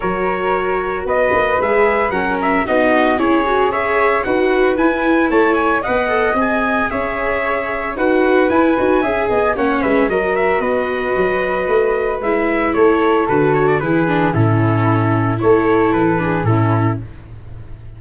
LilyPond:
<<
  \new Staff \with { instrumentName = "trumpet" } { \time 4/4 \tempo 4 = 113 cis''2 dis''4 e''4 | fis''8 e''8 dis''4 cis''4 e''4 | fis''4 gis''4 a''8 gis''8 fis''4 | gis''4 e''2 fis''4 |
gis''2 fis''8 e''8 dis''8 e''8 | dis''2. e''4 | cis''4 b'8 cis''16 d''16 b'4 a'4~ | a'4 cis''4 b'4 a'4 | }
  \new Staff \with { instrumentName = "flute" } { \time 4/4 ais'2 b'2 | ais'4 fis'4 gis'4 cis''4 | b'2 cis''4 dis''4~ | dis''4 cis''2 b'4~ |
b'4 e''8 dis''8 cis''8 b'8 ais'4 | b'1 | a'2 gis'4 e'4~ | e'4 a'4. gis'8 e'4 | }
  \new Staff \with { instrumentName = "viola" } { \time 4/4 fis'2. gis'4 | cis'4 dis'4 e'8 fis'8 gis'4 | fis'4 e'2 b'8 a'8 | gis'2. fis'4 |
e'8 fis'8 gis'4 cis'4 fis'4~ | fis'2. e'4~ | e'4 fis'4 e'8 d'8 cis'4~ | cis'4 e'4. d'8 cis'4 | }
  \new Staff \with { instrumentName = "tuba" } { \time 4/4 fis2 b8 ais8 gis4 | fis4 b4 cis'2 | dis'4 e'4 a4 b4 | c'4 cis'2 dis'4 |
e'8 dis'8 cis'8 b8 ais8 gis8 fis4 | b4 fis4 a4 gis4 | a4 d4 e4 a,4~ | a,4 a4 e4 a,4 | }
>>